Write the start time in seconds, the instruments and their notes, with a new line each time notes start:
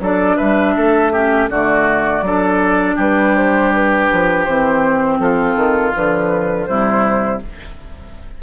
0.00 bassoon F#3, clarinet D4, oboe A4, flute D5
0.37 bassoon G3, oboe B4, flute E5
0.77 bassoon A3, oboe A4
1.13 clarinet C#4, oboe G4
1.50 bassoon D3, clarinet A3, oboe F#4, flute D5
2.22 bassoon F#3, clarinet D4, oboe A4
2.96 bassoon G3, oboe G4, flute B4
3.36 flute C5
3.74 flute B4
4.13 bassoon F3
4.44 bassoon E3, clarinet C4, flute C5
5.19 bassoon F3, oboe F4, flute A4
5.56 bassoon D#3
5.93 bassoon D3, clarinet F3, flute B4
6.67 bassoon C3, clarinet G3, oboe E4, flute C5